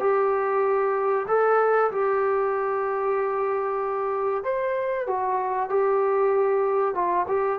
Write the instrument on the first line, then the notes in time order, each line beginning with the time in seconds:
trombone
0.00 G4
1.28 A4
1.91 G4
4.44 C5
5.07 F#4
5.69 G4
6.94 F4
7.28 G4